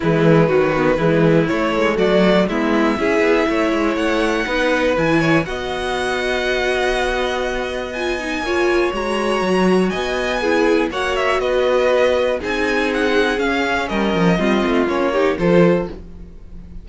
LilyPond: <<
  \new Staff \with { instrumentName = "violin" } { \time 4/4 \tempo 4 = 121 b'2. cis''4 | d''4 e''2. | fis''2 gis''4 fis''4~ | fis''1 |
gis''2 ais''2 | gis''2 fis''8 e''8 dis''4~ | dis''4 gis''4 fis''4 f''4 | dis''2 cis''4 c''4 | }
  \new Staff \with { instrumentName = "violin" } { \time 4/4 e'4 fis'4 e'2 | fis'4 e'4 gis'4 cis''4~ | cis''4 b'4. cis''8 dis''4~ | dis''1~ |
dis''4 cis''2. | dis''4 gis'4 cis''4 b'4~ | b'4 gis'2. | ais'4 f'4. g'8 a'4 | }
  \new Staff \with { instrumentName = "viola" } { \time 4/4 gis4 fis8 b8 gis4 a4~ | a4 b4 e'2~ | e'4 dis'4 e'4 fis'4~ | fis'1 |
f'8 dis'8 f'4 fis'2~ | fis'4 e'4 fis'2~ | fis'4 dis'2 cis'4~ | cis'4 c'4 cis'8 dis'8 f'4 | }
  \new Staff \with { instrumentName = "cello" } { \time 4/4 e4 dis4 e4 a8 gis8 | fis4 gis4 cis'8 b8 a8 gis8 | a4 b4 e4 b4~ | b1~ |
b4 ais4 gis4 fis4 | b2 ais4 b4~ | b4 c'2 cis'4 | g8 f8 g8 a8 ais4 f4 | }
>>